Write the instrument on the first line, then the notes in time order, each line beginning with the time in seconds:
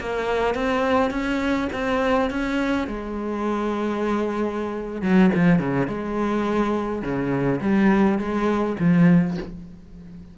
cello
0.00 A#3
0.55 C4
1.11 C#4
1.73 C4
2.31 C#4
2.88 G#3
5.02 F#3
5.35 F3
5.59 C#3
5.88 G#3
7.03 C#3
7.62 G3
8.19 G#3
8.80 F3